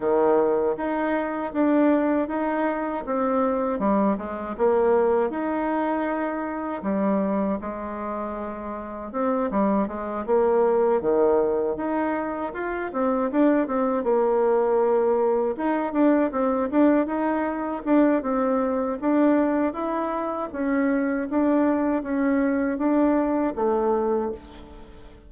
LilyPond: \new Staff \with { instrumentName = "bassoon" } { \time 4/4 \tempo 4 = 79 dis4 dis'4 d'4 dis'4 | c'4 g8 gis8 ais4 dis'4~ | dis'4 g4 gis2 | c'8 g8 gis8 ais4 dis4 dis'8~ |
dis'8 f'8 c'8 d'8 c'8 ais4.~ | ais8 dis'8 d'8 c'8 d'8 dis'4 d'8 | c'4 d'4 e'4 cis'4 | d'4 cis'4 d'4 a4 | }